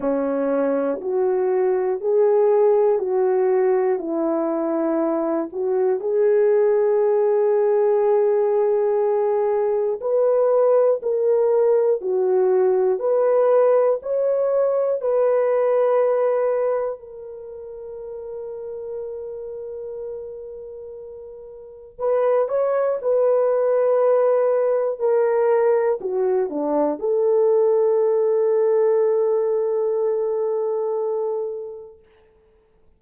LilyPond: \new Staff \with { instrumentName = "horn" } { \time 4/4 \tempo 4 = 60 cis'4 fis'4 gis'4 fis'4 | e'4. fis'8 gis'2~ | gis'2 b'4 ais'4 | fis'4 b'4 cis''4 b'4~ |
b'4 ais'2.~ | ais'2 b'8 cis''8 b'4~ | b'4 ais'4 fis'8 d'8 a'4~ | a'1 | }